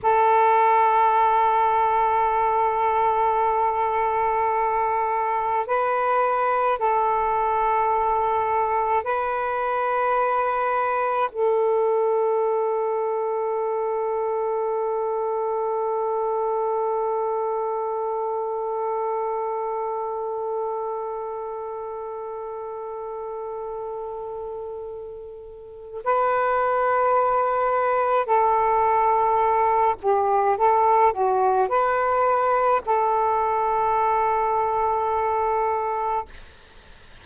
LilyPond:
\new Staff \with { instrumentName = "saxophone" } { \time 4/4 \tempo 4 = 53 a'1~ | a'4 b'4 a'2 | b'2 a'2~ | a'1~ |
a'1~ | a'2. b'4~ | b'4 a'4. g'8 a'8 fis'8 | b'4 a'2. | }